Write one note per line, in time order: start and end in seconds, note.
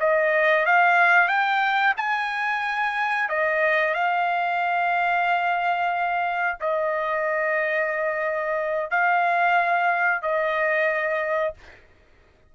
0.00 0.66 D#5
0.66 1.29 F5
1.29 1.95 G5
1.97 3.29 G#5
3.29 3.94 D#5
3.94 6.58 F5
6.61 8.91 D#5
8.91 10.23 F5
10.23 11.54 D#5